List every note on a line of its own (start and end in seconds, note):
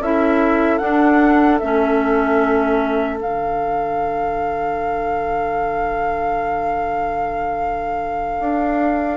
0.00 0.80 C#4
0.00 0.80 E4
0.00 9.17 A4
0.00 0.78 E5
0.78 1.60 D4
0.78 1.61 D4
0.78 1.58 F#5
1.59 3.22 A3
1.59 3.19 C#4
1.59 3.19 E5
3.19 8.40 D3
3.19 9.17 D4
3.19 9.17 F5
8.40 9.17 D4